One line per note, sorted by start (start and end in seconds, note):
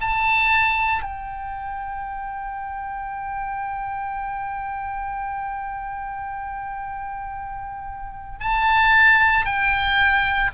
0.00 1.02 A5
1.02 8.39 G5
8.40 9.45 A5
9.45 10.51 G5